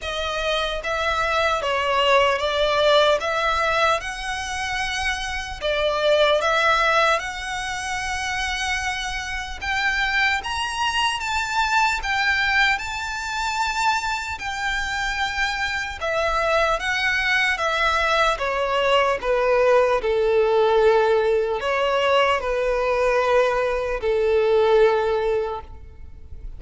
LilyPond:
\new Staff \with { instrumentName = "violin" } { \time 4/4 \tempo 4 = 75 dis''4 e''4 cis''4 d''4 | e''4 fis''2 d''4 | e''4 fis''2. | g''4 ais''4 a''4 g''4 |
a''2 g''2 | e''4 fis''4 e''4 cis''4 | b'4 a'2 cis''4 | b'2 a'2 | }